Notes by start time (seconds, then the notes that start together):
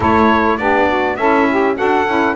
0.00 A3 E4 A4 C#5
0.57 B3 D4 G4 D5
0.88 F#4
1.16 C#4 E4 A4 E5
1.50 G4
1.75 D4 F#4 A4 F#5
2.07 C#4 E4